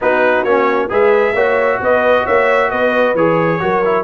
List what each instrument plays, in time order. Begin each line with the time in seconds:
0.01 tuba B3, trombone D#4, horn F#4, trumpet B4
0.43 tuba A#3, trombone C#4, trumpet C#5
0.88 tuba G#3, trombone G#4, horn B4, trumpet E5
1.34 tuba A#3, trombone F#4, horn C#5
1.80 tuba B3, horn B4, trumpet D#5
2.24 tuba A#3, horn C#5, trumpet E5
2.70 tuba B3, horn B4, trumpet D#5
3.14 tuba E3, trombone G#4, trumpet C#5
3.60 tuba F#3, trombone F#4, horn A#4
3.84 trombone E4